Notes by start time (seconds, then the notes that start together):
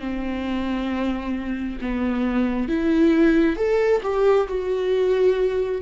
0.00 C4
1.82 B3
2.69 E4
3.57 A4
4.03 G4
4.48 F#4